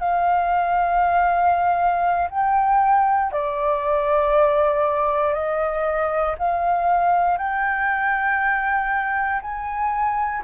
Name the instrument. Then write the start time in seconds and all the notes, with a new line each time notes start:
flute
0.00 F5
2.31 G5
3.32 D5
5.34 D#5
6.39 F5
7.38 G5
9.42 G#5